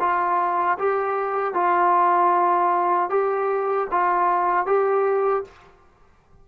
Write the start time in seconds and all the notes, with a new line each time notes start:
0.00 F4
0.79 G4
1.54 F4
3.10 G4
3.91 F4
4.66 G4